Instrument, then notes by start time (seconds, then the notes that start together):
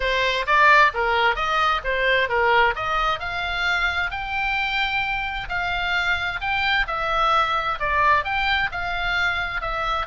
oboe
0.00 C5
0.46 D5
0.93 A#4
1.35 D#5
1.83 C5
2.28 A#4
2.75 D#5
3.19 F5
4.11 G5
5.49 F5
6.40 G5
6.87 E5
7.79 D5
8.24 G5
8.71 F5
9.61 E5